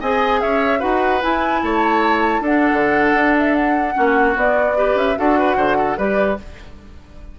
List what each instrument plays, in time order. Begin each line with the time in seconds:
0.00 bassoon C4, clarinet G#4, oboe D#5, flute G#5
0.40 bassoon C#4, oboe C#5, flute E5
0.79 bassoon D#4, clarinet F#4, oboe B4, flute F#5
1.21 clarinet E4, bassoon E4, flute G#5
1.63 bassoon A3, oboe C#5, flute A5
2.40 bassoon D4, oboe A4, flute F#5
2.47 clarinet D4
2.72 bassoon D3
3.13 bassoon D4
3.38 flute E5
3.54 flute F#5
3.94 bassoon A#3, clarinet C#4, oboe F#4
4.35 clarinet B3, bassoon B3, flute D5
4.76 clarinet G4, oboe B4
4.95 bassoon C#4, flute E5
5.16 bassoon D4, clarinet F#4, oboe A4, flute F#5
5.39 oboe B4
5.56 bassoon D3, oboe C5
5.77 oboe A4
5.97 bassoon G3, clarinet G4, oboe B4, flute D5